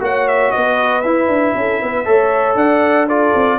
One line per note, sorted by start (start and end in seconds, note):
0.00 0.52 A#3
0.00 1.03 F#4
0.00 0.54 C#5
0.00 0.28 F#5
0.28 0.51 E5
0.51 1.04 B3
0.51 1.57 B4
0.51 1.02 D#5
1.02 1.28 E4
1.02 2.05 E4
1.02 2.55 E5
1.28 1.54 D4
1.56 1.81 C#4
1.56 1.82 A4
1.82 2.07 B3
1.82 2.06 B4
2.05 2.55 A3
2.05 3.08 A4
2.05 2.57 C#5
2.55 3.32 D4
2.55 3.07 D5
2.55 3.08 F#5
3.07 3.59 F4
3.07 3.58 A4
3.07 3.59 D5
3.35 3.59 C4